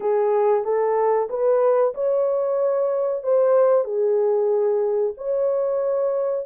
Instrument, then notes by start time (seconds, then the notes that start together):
horn
0.00 G#4
0.64 A4
1.29 B4
1.94 C#5
3.23 C5
3.84 G#4
5.17 C#5